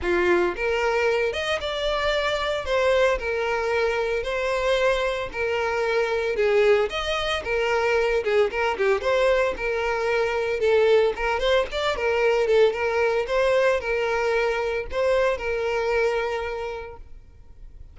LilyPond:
\new Staff \with { instrumentName = "violin" } { \time 4/4 \tempo 4 = 113 f'4 ais'4. dis''8 d''4~ | d''4 c''4 ais'2 | c''2 ais'2 | gis'4 dis''4 ais'4. gis'8 |
ais'8 g'8 c''4 ais'2 | a'4 ais'8 c''8 d''8 ais'4 a'8 | ais'4 c''4 ais'2 | c''4 ais'2. | }